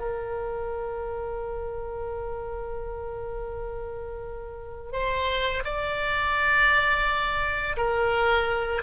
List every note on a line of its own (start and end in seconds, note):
0.00 4.93 A#4
4.93 5.63 C5
5.65 7.76 D5
7.77 8.83 A#4